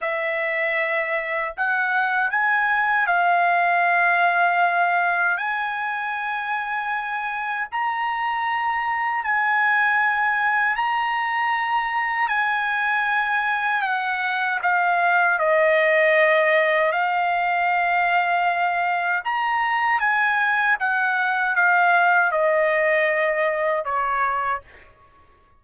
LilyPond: \new Staff \with { instrumentName = "trumpet" } { \time 4/4 \tempo 4 = 78 e''2 fis''4 gis''4 | f''2. gis''4~ | gis''2 ais''2 | gis''2 ais''2 |
gis''2 fis''4 f''4 | dis''2 f''2~ | f''4 ais''4 gis''4 fis''4 | f''4 dis''2 cis''4 | }